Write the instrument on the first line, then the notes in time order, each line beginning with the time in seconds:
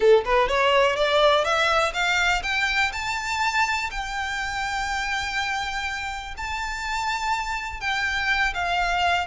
violin
0.00 A4
0.24 B4
0.48 C#5
0.95 D5
1.44 E5
1.93 F5
2.43 G5
2.92 A5
3.90 G5
6.37 A5
7.80 G5
8.54 F5